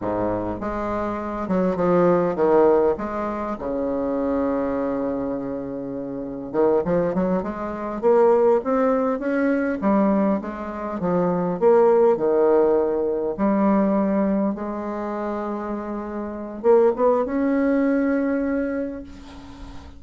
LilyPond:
\new Staff \with { instrumentName = "bassoon" } { \time 4/4 \tempo 4 = 101 gis,4 gis4. fis8 f4 | dis4 gis4 cis2~ | cis2. dis8 f8 | fis8 gis4 ais4 c'4 cis'8~ |
cis'8 g4 gis4 f4 ais8~ | ais8 dis2 g4.~ | g8 gis2.~ gis8 | ais8 b8 cis'2. | }